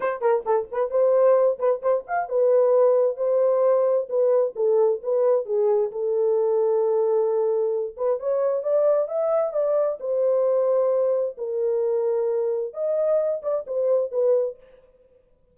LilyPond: \new Staff \with { instrumentName = "horn" } { \time 4/4 \tempo 4 = 132 c''8 ais'8 a'8 b'8 c''4. b'8 | c''8 f''8 b'2 c''4~ | c''4 b'4 a'4 b'4 | gis'4 a'2.~ |
a'4. b'8 cis''4 d''4 | e''4 d''4 c''2~ | c''4 ais'2. | dis''4. d''8 c''4 b'4 | }